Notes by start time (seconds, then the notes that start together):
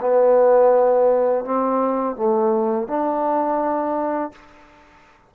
0.00 B3
1.45 C4
2.16 A3
2.87 D4